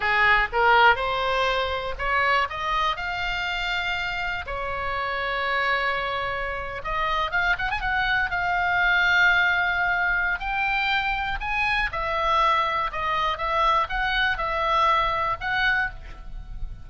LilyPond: \new Staff \with { instrumentName = "oboe" } { \time 4/4 \tempo 4 = 121 gis'4 ais'4 c''2 | cis''4 dis''4 f''2~ | f''4 cis''2.~ | cis''4.~ cis''16 dis''4 f''8 fis''16 gis''16 fis''16~ |
fis''8. f''2.~ f''16~ | f''4 g''2 gis''4 | e''2 dis''4 e''4 | fis''4 e''2 fis''4 | }